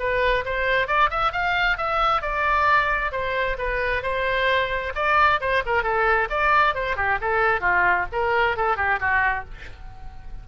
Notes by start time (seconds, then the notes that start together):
0.00 B4
0.46 C5
0.88 D5
1.11 E5
1.33 F5
1.78 E5
2.22 D5
3.12 C5
3.59 B4
4.03 C5
4.96 D5
5.41 C5
5.66 A#4
5.84 A4
6.30 D5
6.75 C5
6.97 G4
7.21 A4
7.61 F4
8.13 A#4
8.57 A4
8.77 G4
9.00 F#4